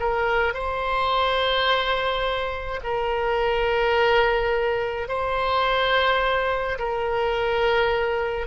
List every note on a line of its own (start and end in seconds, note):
0.00 0.54 A#4
0.54 2.80 C5
2.84 5.08 A#4
5.08 6.78 C5
6.79 8.47 A#4